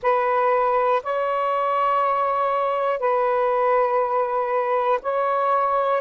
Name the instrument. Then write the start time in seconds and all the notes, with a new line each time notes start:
saxophone
0.02 B4
1.03 C#5
2.99 B4
5.01 C#5